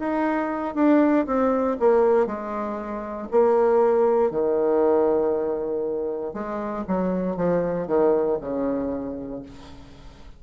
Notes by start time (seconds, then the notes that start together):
0.00 D#4
0.75 D4
1.27 C4
1.80 A#3
2.27 G#3
3.32 A#3
4.31 D#3
6.34 G#3
6.88 F#3
7.37 F3
7.88 D#3
8.41 C#3